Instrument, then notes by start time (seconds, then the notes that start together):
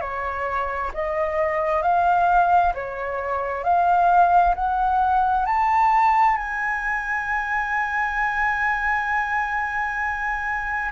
flute
0.00 C#5
0.93 D#5
1.82 F5
2.74 C#5
3.63 F5
4.55 F#5
5.45 A5
6.37 G#5